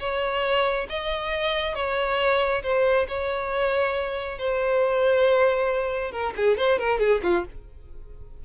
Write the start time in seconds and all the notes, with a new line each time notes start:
0.00 C#5
0.90 D#5
1.75 C#5
2.63 C5
3.09 C#5
4.39 C5
6.12 A#4
6.37 G#4
6.58 C5
6.79 A#4
7.00 G#4
7.23 F4